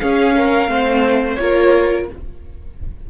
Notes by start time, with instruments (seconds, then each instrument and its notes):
0.00 viola C#4, cello C#4, violin G#4 F5
0.36 violin A#4
0.67 cello A3, viola C4, violin C5
1.35 cello A#3, viola F4, violin A#4 C#5